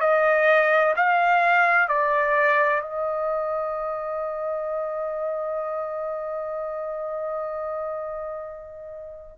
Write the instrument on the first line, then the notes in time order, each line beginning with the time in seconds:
trumpet
0.00 D#5
0.96 F5
1.88 D5
2.81 D#5